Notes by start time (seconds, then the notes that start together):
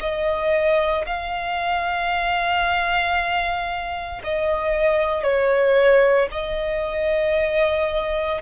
0.00 D#5
1.06 F5
4.24 D#5
5.23 C#5
6.32 D#5